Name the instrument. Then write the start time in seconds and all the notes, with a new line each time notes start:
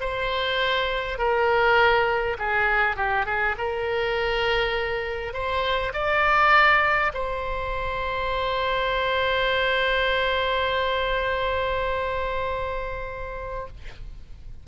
oboe
0.00 C5
1.18 A#4
2.39 G#4
2.96 G4
3.26 G#4
3.58 A#4
5.33 C5
5.93 D5
7.14 C5